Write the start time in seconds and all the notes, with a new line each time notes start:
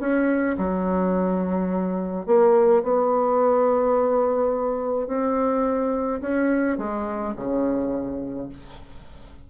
0.00 C#4
0.58 F#3
2.26 A#3
2.83 B3
5.07 C4
6.21 C#4
6.78 G#3
7.36 C#3